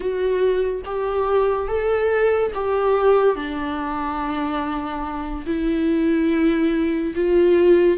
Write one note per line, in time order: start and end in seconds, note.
0.00 0.81 F#4
0.85 1.67 G4
1.67 2.51 A4
2.54 3.35 G4
3.35 5.45 D4
5.46 7.13 E4
7.15 7.97 F4